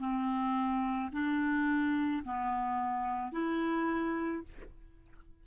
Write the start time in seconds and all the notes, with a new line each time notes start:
0.00 C4
1.13 D4
2.25 B3
3.33 E4